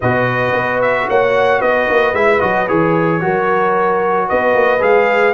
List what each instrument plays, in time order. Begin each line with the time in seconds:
0.00 tuba B2, trombone F#4, horn B4, trumpet D#5
0.52 tuba B3
0.81 trumpet E5
1.08 tuba A#3, horn C#5, trumpet F#5
1.60 tuba B3, horn B4, trumpet D#5
1.89 tuba A#3
2.13 tuba G#3, trombone E4, trumpet E5
2.40 tuba F#3, trombone F#4, trumpet D#5
2.67 tuba E3, trombone G#4, trumpet C#5
3.21 tuba F#3, trombone F#4, horn A#4
4.28 tuba B3, horn B4, trumpet D#5
4.54 tuba A#3
4.79 tuba G#3, trombone G#4, trumpet F5